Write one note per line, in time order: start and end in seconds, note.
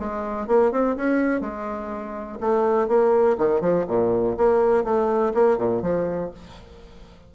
0.00 0.48 G#3
0.48 0.72 A#3
0.72 0.96 C4
0.97 1.41 C#4
1.41 2.39 G#3
2.41 2.88 A3
2.88 3.37 A#3
3.39 3.61 D#3
3.61 3.85 F3
3.88 4.37 A#2
4.37 4.84 A#3
4.84 5.33 A3
5.34 5.58 A#3
5.58 5.82 A#2
5.82 6.31 F3